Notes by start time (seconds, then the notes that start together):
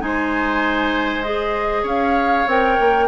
0.00 G#3 D#4 C5 G#5
1.23 G#4 D#5
1.83 C#4 C#5 F5
2.47 C4 A#4 G5
2.79 A#3